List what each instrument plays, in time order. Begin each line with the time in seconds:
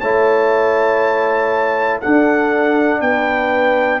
0.00 tuba A3, trombone E4, horn C#5, trumpet A5
1.99 trombone D4, horn A4, trumpet F#5
2.05 tuba D4
3.01 tuba B3, horn B4, trumpet G5